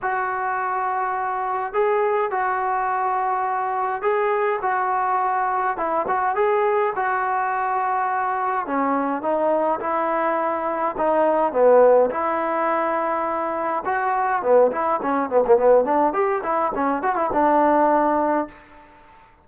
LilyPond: \new Staff \with { instrumentName = "trombone" } { \time 4/4 \tempo 4 = 104 fis'2. gis'4 | fis'2. gis'4 | fis'2 e'8 fis'8 gis'4 | fis'2. cis'4 |
dis'4 e'2 dis'4 | b4 e'2. | fis'4 b8 e'8 cis'8 b16 ais16 b8 d'8 | g'8 e'8 cis'8 fis'16 e'16 d'2 | }